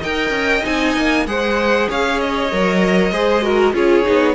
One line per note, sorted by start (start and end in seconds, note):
0.00 0.30 D#4
0.00 0.63 A#4
0.00 1.24 D#5
0.00 0.65 G5
0.30 0.61 C#4
0.63 0.97 C4
0.63 1.25 D#4
0.63 1.27 G#5
0.97 1.26 A#3
1.26 1.88 G#3
1.26 2.51 G#4
1.26 1.90 C5
1.26 1.89 F#5
1.90 2.53 C#4
1.90 3.13 C#5
1.90 2.20 F5
2.20 3.75 D#5
2.52 3.12 F#3
2.52 3.13 A#4
3.12 3.73 G#3
3.12 3.43 G#4
3.12 3.44 C5
3.43 3.74 F#4
3.43 3.75 A#4
3.73 4.04 C#4
3.73 4.05 F4
3.73 4.35 G#4
3.73 4.35 C#5
4.05 4.35 B3
4.05 4.35 D#4